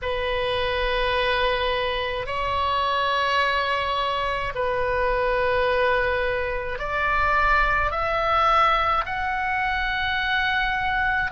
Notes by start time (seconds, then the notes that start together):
0.02 B4
2.26 C#5
4.54 B4
6.79 D5
7.91 E5
9.05 F#5